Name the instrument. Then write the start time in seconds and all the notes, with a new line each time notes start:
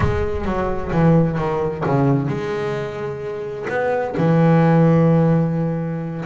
double bass
0.00 G#3
0.45 F#3
0.91 E3
1.38 D#3
1.86 C#3
2.28 G#3
3.69 B3
4.17 E3